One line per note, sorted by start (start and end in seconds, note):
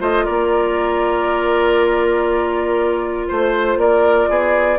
0.00 0.26 A3
0.00 4.79 F4
0.00 0.25 C5
0.00 0.26 D#5
0.25 3.31 A#3
0.25 3.28 A#4
0.25 3.28 D5
3.28 3.77 A3
3.28 3.79 C5
3.28 3.80 C5
3.77 4.28 A#3
3.77 4.30 A#4
3.77 4.79 D5
4.30 4.79 B3
4.30 4.79 G#4